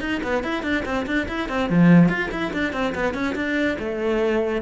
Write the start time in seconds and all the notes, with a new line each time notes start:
0.00 D#4
0.23 B3
0.44 E4
0.63 D4
0.85 C4
1.06 D4
1.28 E4
1.49 C4
1.69 F3
2.09 F4
2.31 E4
2.53 D4
2.73 C4
2.94 B3
3.14 C#4
3.35 D4
3.79 A3